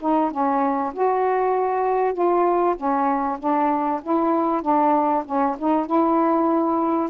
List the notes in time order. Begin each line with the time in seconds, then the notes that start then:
0.00 D#4
0.31 C#4
0.93 F#4
2.14 F4
2.76 C#4
3.39 D4
4.02 E4
4.62 D4
5.25 C#4
5.59 D#4
5.86 E4